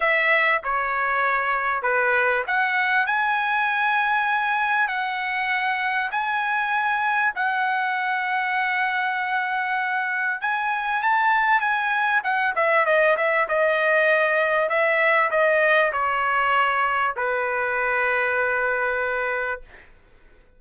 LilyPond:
\new Staff \with { instrumentName = "trumpet" } { \time 4/4 \tempo 4 = 98 e''4 cis''2 b'4 | fis''4 gis''2. | fis''2 gis''2 | fis''1~ |
fis''4 gis''4 a''4 gis''4 | fis''8 e''8 dis''8 e''8 dis''2 | e''4 dis''4 cis''2 | b'1 | }